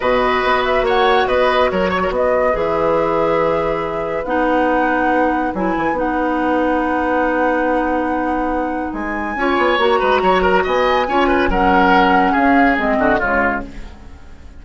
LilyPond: <<
  \new Staff \with { instrumentName = "flute" } { \time 4/4 \tempo 4 = 141 dis''4. e''8 fis''4 dis''4 | cis''4 dis''4 e''2~ | e''2 fis''2~ | fis''4 gis''4 fis''2~ |
fis''1~ | fis''4 gis''2 ais''4~ | ais''4 gis''2 fis''4~ | fis''4 f''4 dis''4 cis''4 | }
  \new Staff \with { instrumentName = "oboe" } { \time 4/4 b'2 cis''4 b'4 | ais'8 cis''16 ais'16 b'2.~ | b'1~ | b'1~ |
b'1~ | b'2 cis''4. b'8 | cis''8 ais'8 dis''4 cis''8 b'8 ais'4~ | ais'4 gis'4. fis'8 f'4 | }
  \new Staff \with { instrumentName = "clarinet" } { \time 4/4 fis'1~ | fis'2 gis'2~ | gis'2 dis'2~ | dis'4 e'4 dis'2~ |
dis'1~ | dis'2 f'4 fis'4~ | fis'2 f'4 cis'4~ | cis'2 c'4 gis4 | }
  \new Staff \with { instrumentName = "bassoon" } { \time 4/4 b,4 b4 ais4 b4 | fis4 b4 e2~ | e2 b2~ | b4 fis8 e8 b2~ |
b1~ | b4 gis4 cis'8 b8 ais8 gis8 | fis4 b4 cis'4 fis4~ | fis4 cis'4 gis8 d8 cis4 | }
>>